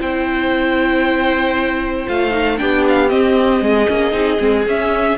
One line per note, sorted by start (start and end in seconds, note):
0.00 2.07 C4
0.00 2.07 E4
0.00 2.60 C5
0.00 2.08 G5
2.07 2.61 A3
2.07 2.31 F4
2.07 2.59 F5
2.31 2.57 D#4
2.58 3.12 B3
2.58 3.08 D4
2.58 3.64 G4
2.58 2.84 G5
2.89 3.10 F5
3.08 3.86 C4
3.08 3.61 C4
3.08 4.65 D#5
3.61 3.87 G#3
3.61 5.18 G#4
3.88 4.13 A#3
3.88 4.13 C#4
4.13 4.39 C4
4.13 4.38 D#4
4.39 4.66 G#3
4.39 4.65 C4
4.66 5.18 C#4
4.66 5.18 E5